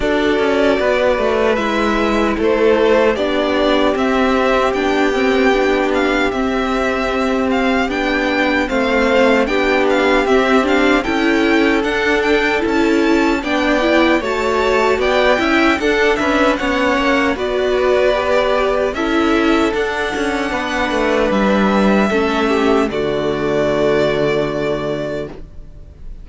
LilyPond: <<
  \new Staff \with { instrumentName = "violin" } { \time 4/4 \tempo 4 = 76 d''2 e''4 c''4 | d''4 e''4 g''4. f''8 | e''4. f''8 g''4 f''4 | g''8 f''8 e''8 f''8 g''4 fis''8 g''8 |
a''4 g''4 a''4 g''4 | fis''8 e''8 fis''4 d''2 | e''4 fis''2 e''4~ | e''4 d''2. | }
  \new Staff \with { instrumentName = "violin" } { \time 4/4 a'4 b'2 a'4 | g'1~ | g'2. c''4 | g'2 a'2~ |
a'4 d''4 cis''4 d''8 e''8 | a'8 b'8 cis''4 b'2 | a'2 b'2 | a'8 g'8 fis'2. | }
  \new Staff \with { instrumentName = "viola" } { \time 4/4 fis'2 e'2 | d'4 c'4 d'8 c'8 d'4 | c'2 d'4 c'4 | d'4 c'8 d'8 e'4 d'4 |
e'4 d'8 e'8 fis'4. e'8 | d'4 cis'4 fis'4 g'4 | e'4 d'2. | cis'4 a2. | }
  \new Staff \with { instrumentName = "cello" } { \time 4/4 d'8 cis'8 b8 a8 gis4 a4 | b4 c'4 b2 | c'2 b4 a4 | b4 c'4 cis'4 d'4 |
cis'4 b4 a4 b8 cis'8 | d'8 cis'8 b8 ais8 b2 | cis'4 d'8 cis'8 b8 a8 g4 | a4 d2. | }
>>